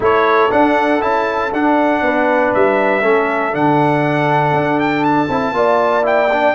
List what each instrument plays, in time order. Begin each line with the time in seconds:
0.00 tuba A3, trombone E4, horn A4, trumpet C#5
0.50 trombone D4, tuba D4, trumpet F#5
1.00 tuba C#4, trombone E4, trumpet A5
1.52 tuba D4, trombone D4, trumpet F#5
2.01 tuba B3, horn B4
2.54 tuba G3, trumpet E5
3.01 tuba A3, trombone C#4, horn A4
3.52 tuba D3, trombone D4, trumpet F#5
4.52 tuba D4
4.80 trumpet G5
5.04 trumpet A5
5.28 tuba C4, trombone E4
5.52 tuba A#3, trombone F4, horn D5
6.02 trombone E4, trumpet G5
6.32 trombone D4